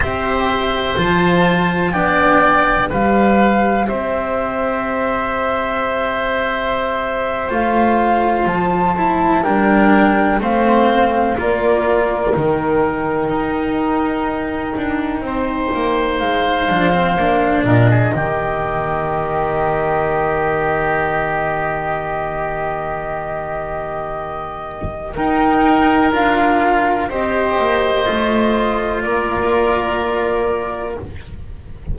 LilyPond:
<<
  \new Staff \with { instrumentName = "flute" } { \time 4/4 \tempo 4 = 62 e''4 a''4 g''4 f''4 | e''2.~ e''8. f''16~ | f''8. a''4 g''4 f''4 d''16~ | d''8. g''2.~ g''16~ |
g''8. f''4. dis''4.~ dis''16~ | dis''1~ | dis''2 g''4 f''4 | dis''2 d''2 | }
  \new Staff \with { instrumentName = "oboe" } { \time 4/4 c''2 d''4 b'4 | c''1~ | c''4.~ c''16 ais'4 c''4 ais'16~ | ais'2.~ ais'8. c''16~ |
c''2~ c''16 ais'16 gis'16 g'4~ g'16~ | g'1~ | g'2 ais'2 | c''2 ais'2 | }
  \new Staff \with { instrumentName = "cello" } { \time 4/4 g'4 f'4 d'4 g'4~ | g'2.~ g'8. f'16~ | f'4~ f'16 e'8 d'4 c'4 f'16~ | f'8. dis'2.~ dis'16~ |
dis'4~ dis'16 d'16 c'16 d'4 ais4~ ais16~ | ais1~ | ais2 dis'4 f'4 | g'4 f'2. | }
  \new Staff \with { instrumentName = "double bass" } { \time 4/4 c'4 f4 b4 g4 | c'2.~ c'8. a16~ | a8. f4 g4 a4 ais16~ | ais8. dis4 dis'4. d'8 c'16~ |
c'16 ais8 gis8 f8 ais8 ais,8 dis4~ dis16~ | dis1~ | dis2 dis'4 d'4 | c'8 ais8 a4 ais2 | }
>>